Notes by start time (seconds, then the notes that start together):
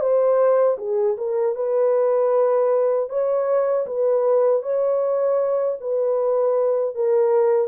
0.00 C5
0.78 G#4
1.17 A#4
1.55 B4
3.09 C#5
3.86 B4
4.62 C#5
5.80 B4
6.94 A#4